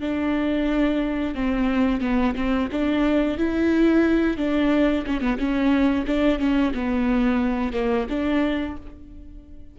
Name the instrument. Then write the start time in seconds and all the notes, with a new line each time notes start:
viola
0.00 D4
1.35 C4
2.01 B3
2.35 C4
2.72 D4
3.38 E4
4.37 D4
5.07 C#4
5.21 B3
5.38 C#4
6.07 D4
6.39 C#4
6.74 B3
7.73 A#3
8.09 D4